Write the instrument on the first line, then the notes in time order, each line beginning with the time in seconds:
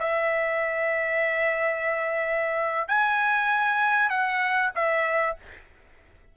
trumpet
0.00 E5
2.88 G#5
4.10 F#5
4.76 E5